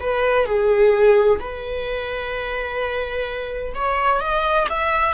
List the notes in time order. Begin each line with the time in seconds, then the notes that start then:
0.00 B4
0.46 G#4
1.40 B4
3.75 C#5
4.20 D#5
4.70 E5